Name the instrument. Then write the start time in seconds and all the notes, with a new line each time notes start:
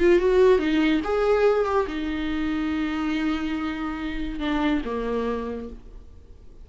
viola
0.00 F4
0.19 F#4
0.59 D#4
1.04 G#4
1.66 G4
1.87 D#4
4.40 D4
4.85 A#3